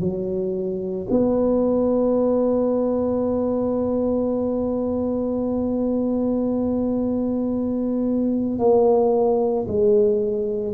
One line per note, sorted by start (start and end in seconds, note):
0.00 1.07 F#3
1.11 8.59 B3
8.59 9.66 A#3
9.68 10.74 G#3